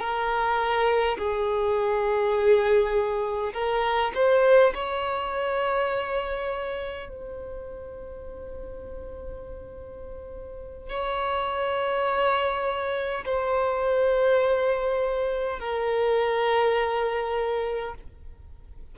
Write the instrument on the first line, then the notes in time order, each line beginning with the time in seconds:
violin
0.00 A#4
1.18 G#4
3.53 A#4
4.15 C5
4.74 C#5
7.09 C5
10.89 C#5
13.25 C5
15.59 A#4